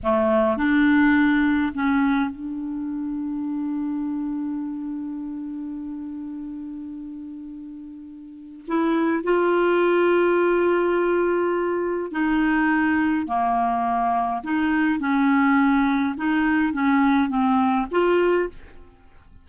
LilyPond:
\new Staff \with { instrumentName = "clarinet" } { \time 4/4 \tempo 4 = 104 a4 d'2 cis'4 | d'1~ | d'1~ | d'2. e'4 |
f'1~ | f'4 dis'2 ais4~ | ais4 dis'4 cis'2 | dis'4 cis'4 c'4 f'4 | }